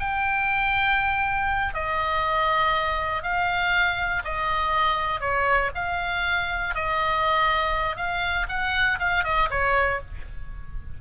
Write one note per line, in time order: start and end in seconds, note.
0.00 1.75 G5
1.75 3.23 D#5
3.23 4.23 F5
4.25 5.21 D#5
5.21 5.71 C#5
5.75 6.75 F5
6.75 7.97 D#5
7.97 8.47 F5
8.49 8.99 F#5
9.00 9.24 F5
9.24 9.49 D#5
9.51 10.01 C#5